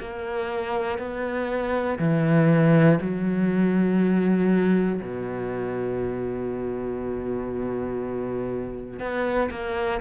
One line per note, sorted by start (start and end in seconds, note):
0.00 0.99 A#3
0.99 1.99 B3
1.99 2.99 E3
3.01 5.01 F#3
5.02 9.00 B2
9.00 9.50 B3
9.50 10.00 A#3